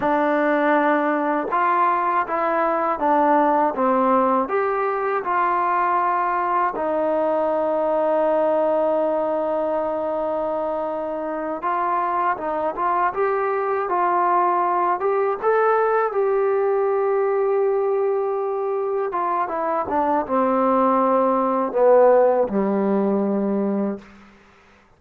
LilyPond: \new Staff \with { instrumentName = "trombone" } { \time 4/4 \tempo 4 = 80 d'2 f'4 e'4 | d'4 c'4 g'4 f'4~ | f'4 dis'2.~ | dis'2.~ dis'8 f'8~ |
f'8 dis'8 f'8 g'4 f'4. | g'8 a'4 g'2~ g'8~ | g'4. f'8 e'8 d'8 c'4~ | c'4 b4 g2 | }